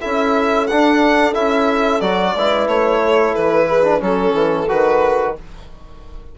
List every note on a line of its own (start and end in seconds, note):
0.00 0.71 C#4
0.00 0.67 E4
0.00 2.33 A4
0.00 0.67 E5
0.67 1.34 D4
0.67 1.36 D4
0.67 1.34 F#5
1.34 2.01 C#4
1.34 2.01 E4
1.34 2.01 E5
2.01 2.34 F#3
2.01 2.35 F#4
2.01 2.67 D5
2.35 2.67 G#3
2.35 3.83 E4
2.35 3.02 B4
2.67 3.34 A3
2.67 3.34 C#5
3.04 3.68 A4
3.34 4.01 E3
3.34 4.01 B4
3.68 4.01 G#4
3.83 4.00 D4
4.00 4.33 F#3
4.00 4.67 C#4
4.00 5.36 A4
4.00 4.69 A4
4.33 4.66 E3
4.69 5.38 D#3
4.69 5.35 F#4
4.69 5.35 B4